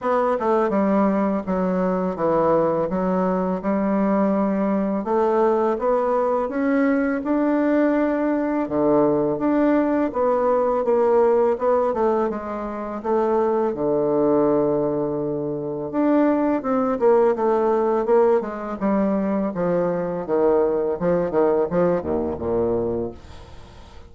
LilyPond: \new Staff \with { instrumentName = "bassoon" } { \time 4/4 \tempo 4 = 83 b8 a8 g4 fis4 e4 | fis4 g2 a4 | b4 cis'4 d'2 | d4 d'4 b4 ais4 |
b8 a8 gis4 a4 d4~ | d2 d'4 c'8 ais8 | a4 ais8 gis8 g4 f4 | dis4 f8 dis8 f8 dis,8 ais,4 | }